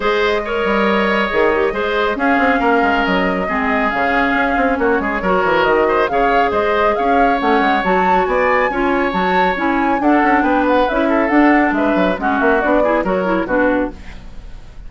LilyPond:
<<
  \new Staff \with { instrumentName = "flute" } { \time 4/4 \tempo 4 = 138 dis''1~ | dis''4 f''2 dis''4~ | dis''4 f''2 cis''4~ | cis''4 dis''4 f''4 dis''4 |
f''4 fis''4 a''4 gis''4~ | gis''4 a''4 gis''4 fis''4 | g''8 fis''8 e''4 fis''4 e''4 | fis''8 e''8 d''4 cis''4 b'4 | }
  \new Staff \with { instrumentName = "oboe" } { \time 4/4 c''4 cis''2. | c''4 gis'4 ais'2 | gis'2. fis'8 gis'8 | ais'4. c''8 cis''4 c''4 |
cis''2. d''4 | cis''2. a'4 | b'4. a'4. b'4 | fis'4. gis'8 ais'4 fis'4 | }
  \new Staff \with { instrumentName = "clarinet" } { \time 4/4 gis'4 ais'2 gis'8 g'8 | gis'4 cis'2. | c'4 cis'2. | fis'2 gis'2~ |
gis'4 cis'4 fis'2 | f'4 fis'4 e'4 d'4~ | d'4 e'4 d'2 | cis'4 d'8 e'8 fis'8 e'8 d'4 | }
  \new Staff \with { instrumentName = "bassoon" } { \time 4/4 gis4. g4. dis4 | gis4 cis'8 c'8 ais8 gis8 fis4 | gis4 cis4 cis'8 c'8 ais8 gis8 | fis8 e8 dis4 cis4 gis4 |
cis'4 a8 gis8 fis4 b4 | cis'4 fis4 cis'4 d'8 cis'8 | b4 cis'4 d'4 gis8 fis8 | gis8 ais8 b4 fis4 b,4 | }
>>